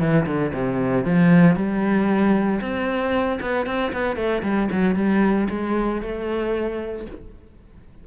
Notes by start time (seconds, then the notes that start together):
0.00 E3
0.26 D3
0.54 C3
1.05 F3
1.56 G3
2.61 C4
3.41 B3
3.66 C4
3.93 B3
4.16 A3
4.43 G3
4.72 F#3
4.96 G3
5.50 G#3
6.02 A3